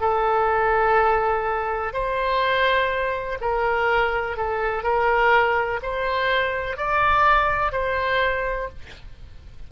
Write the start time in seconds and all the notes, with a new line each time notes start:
0.00 A4
1.93 C5
3.40 A#4
4.37 A4
4.83 A#4
5.82 C5
6.77 D5
7.72 C5